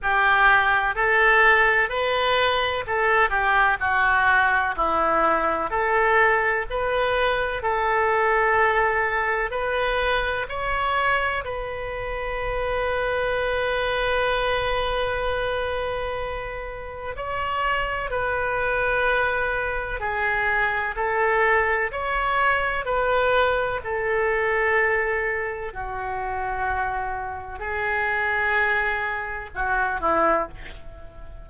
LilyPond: \new Staff \with { instrumentName = "oboe" } { \time 4/4 \tempo 4 = 63 g'4 a'4 b'4 a'8 g'8 | fis'4 e'4 a'4 b'4 | a'2 b'4 cis''4 | b'1~ |
b'2 cis''4 b'4~ | b'4 gis'4 a'4 cis''4 | b'4 a'2 fis'4~ | fis'4 gis'2 fis'8 e'8 | }